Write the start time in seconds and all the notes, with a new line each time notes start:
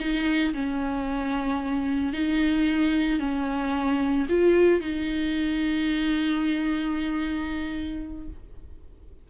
0.00 D#4
0.54 C#4
2.13 D#4
3.19 C#4
4.29 F4
4.80 D#4